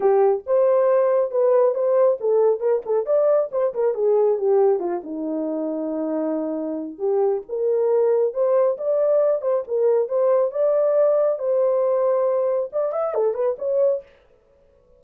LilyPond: \new Staff \with { instrumentName = "horn" } { \time 4/4 \tempo 4 = 137 g'4 c''2 b'4 | c''4 a'4 ais'8 a'8 d''4 | c''8 ais'8 gis'4 g'4 f'8 dis'8~ | dis'1 |
g'4 ais'2 c''4 | d''4. c''8 ais'4 c''4 | d''2 c''2~ | c''4 d''8 e''8 a'8 b'8 cis''4 | }